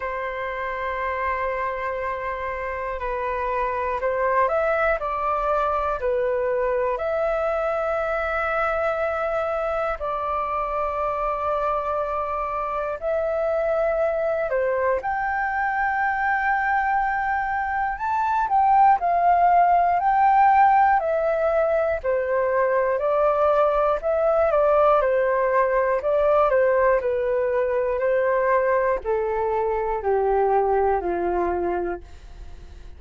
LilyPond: \new Staff \with { instrumentName = "flute" } { \time 4/4 \tempo 4 = 60 c''2. b'4 | c''8 e''8 d''4 b'4 e''4~ | e''2 d''2~ | d''4 e''4. c''8 g''4~ |
g''2 a''8 g''8 f''4 | g''4 e''4 c''4 d''4 | e''8 d''8 c''4 d''8 c''8 b'4 | c''4 a'4 g'4 f'4 | }